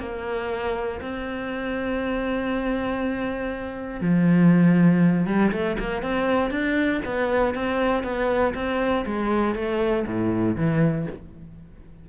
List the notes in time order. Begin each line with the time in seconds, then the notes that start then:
0.00 A#3
1.01 C4
4.02 F3
5.27 G3
5.52 A3
5.79 A#3
6.02 C4
6.51 D4
7.05 B3
7.55 C4
8.04 B3
8.55 C4
9.06 G#3
9.55 A3
10.07 A2
10.56 E3